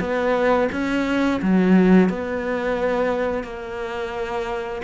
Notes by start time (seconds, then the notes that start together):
0.00 B3
0.72 C#4
1.42 F#3
2.09 B3
3.44 A#3